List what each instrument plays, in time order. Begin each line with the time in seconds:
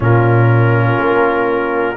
0.00 tuba A#2, trombone C#4, horn F4, trumpet A#4
0.98 tuba A#3